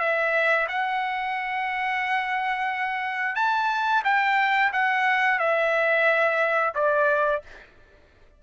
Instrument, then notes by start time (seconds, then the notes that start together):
trumpet
0.00 E5
0.69 F#5
3.36 A5
4.05 G5
4.73 F#5
5.39 E5
6.75 D5